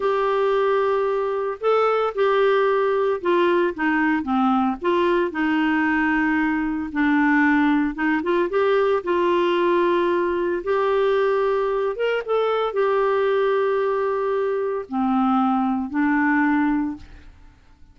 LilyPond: \new Staff \with { instrumentName = "clarinet" } { \time 4/4 \tempo 4 = 113 g'2. a'4 | g'2 f'4 dis'4 | c'4 f'4 dis'2~ | dis'4 d'2 dis'8 f'8 |
g'4 f'2. | g'2~ g'8 ais'8 a'4 | g'1 | c'2 d'2 | }